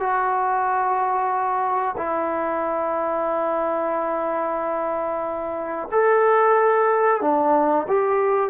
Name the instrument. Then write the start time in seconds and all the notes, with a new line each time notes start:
trombone
0.00 F#4
1.97 E4
5.91 A4
7.21 D4
7.88 G4